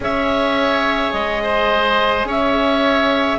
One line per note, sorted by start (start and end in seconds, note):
0.00 1.11 C#4
0.00 3.38 G#4
0.00 1.43 C#5
0.00 1.12 E5
1.12 2.24 G#3
1.12 2.26 D#5
1.43 2.27 C5
2.24 3.37 C#4
2.24 3.38 C#5
2.30 3.38 E5